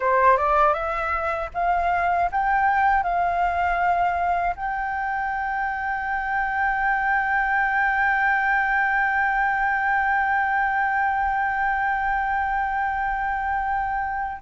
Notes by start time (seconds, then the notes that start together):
0.00 C5
0.37 D5
0.73 E5
1.54 F5
2.31 G5
3.03 F5
4.56 G5